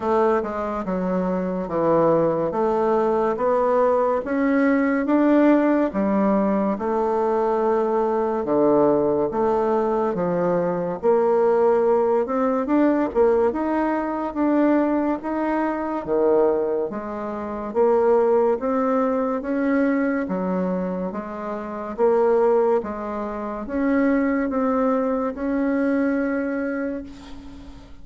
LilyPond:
\new Staff \with { instrumentName = "bassoon" } { \time 4/4 \tempo 4 = 71 a8 gis8 fis4 e4 a4 | b4 cis'4 d'4 g4 | a2 d4 a4 | f4 ais4. c'8 d'8 ais8 |
dis'4 d'4 dis'4 dis4 | gis4 ais4 c'4 cis'4 | fis4 gis4 ais4 gis4 | cis'4 c'4 cis'2 | }